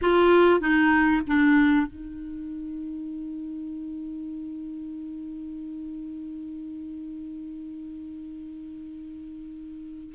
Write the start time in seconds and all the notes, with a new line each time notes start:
0.01 F4
0.60 D#4
1.27 D4
1.86 D#4